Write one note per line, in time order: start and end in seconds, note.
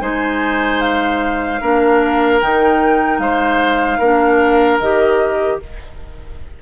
0.00 1.61 G#3
0.00 1.60 D#4
0.00 1.61 C5
0.00 0.81 G#5
0.81 2.41 F5
1.61 2.42 A#3
1.61 2.41 D4
1.61 3.21 A#4
2.41 3.18 D#3
2.41 4.01 D#4
2.41 3.19 G5
3.18 3.98 G#3
3.18 3.99 C5
3.18 4.79 F5
3.99 4.79 A#3
3.99 4.82 D4
3.99 5.58 A#4
4.80 5.60 D#3
4.80 5.62 G4
4.80 5.60 D#5